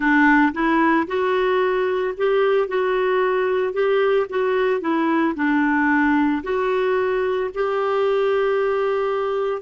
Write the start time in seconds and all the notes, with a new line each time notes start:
0.00 D4
0.53 E4
1.07 F#4
2.17 G4
2.68 F#4
3.73 G4
4.29 F#4
4.81 E4
5.35 D4
6.43 F#4
7.54 G4